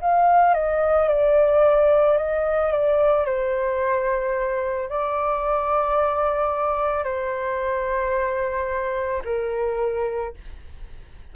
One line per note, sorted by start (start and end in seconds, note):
0.00 0.54 F5
0.54 1.08 D#5
1.08 2.17 D5
2.17 2.71 D#5
2.71 3.25 D5
3.25 4.88 C5
4.88 7.04 D5
7.04 9.22 C5
9.24 10.33 A#4